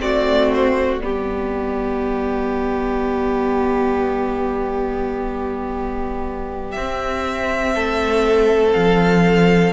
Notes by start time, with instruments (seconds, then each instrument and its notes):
0.00 cello A3, viola C4, violin F#4 D5
0.53 violin C5
1.00 cello G3, viola B3, violin G4 D5
6.72 cello C4, violin E5
6.78 viola C4
7.75 cello A3, violin A4
8.73 cello F3, violin F5